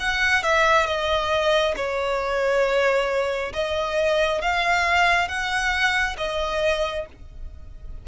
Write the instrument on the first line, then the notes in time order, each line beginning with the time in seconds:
violin
0.00 F#5
0.43 E5
0.86 D#5
1.76 C#5
3.53 D#5
4.42 F5
5.28 F#5
6.18 D#5